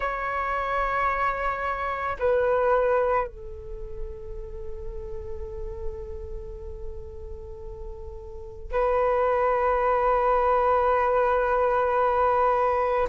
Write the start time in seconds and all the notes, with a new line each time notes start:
0.00 C#5
2.19 B4
3.27 A4
8.71 B4